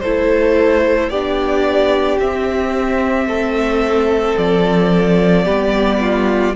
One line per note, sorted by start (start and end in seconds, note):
0.00 1.10 A3
0.00 1.12 E4
0.00 1.10 A4
0.00 1.09 C5
1.09 2.19 B3
1.09 2.20 D4
1.09 3.28 G4
1.09 2.18 D5
2.20 5.45 C4
2.20 3.26 C4
2.20 4.37 E5
3.26 4.35 A3
3.26 5.45 A4
4.37 5.46 F3
4.37 6.56 D5
5.45 6.55 G3
5.45 6.54 B3
5.45 5.99 G4
6.00 6.55 F4